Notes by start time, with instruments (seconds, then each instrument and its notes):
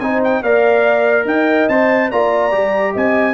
0.00 tuba C4, trombone D#4, horn C5, trumpet G#5
0.24 trumpet G5
0.42 tuba A#3, trombone A#4, horn D5, trumpet F5
1.25 tuba D#4, horn D#5, trumpet G5
1.69 tuba C4, trombone C5, trumpet A5
2.10 tuba A#3, trombone F4, horn D5, trumpet A#5
2.52 tuba G3, trombone G4
2.94 tuba C4, horn D#5, trumpet G#5